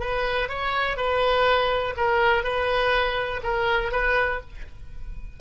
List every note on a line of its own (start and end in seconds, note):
0.00 0.49 B4
0.49 0.97 C#5
0.97 1.94 B4
1.97 2.43 A#4
2.43 3.41 B4
3.43 3.92 A#4
3.92 4.40 B4